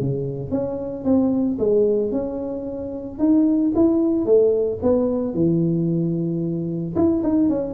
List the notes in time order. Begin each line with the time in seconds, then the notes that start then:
0.00 C#3
0.51 C#4
1.05 C4
1.59 G#3
2.12 C#4
3.19 D#4
3.75 E4
4.26 A3
4.82 B3
5.34 E3
6.96 E4
7.23 D#4
7.49 C#4